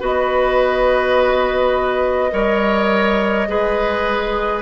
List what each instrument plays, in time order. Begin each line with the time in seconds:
0.00 bassoon B3, clarinet F#4, oboe B4, flute D#5
2.31 bassoon G3, clarinet A#4, oboe C#5
3.48 bassoon G#3, clarinet G#4, oboe B4